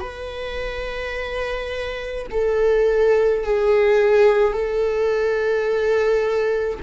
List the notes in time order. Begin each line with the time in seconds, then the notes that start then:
0.00 B4
2.31 A4
3.44 G#4
4.53 A4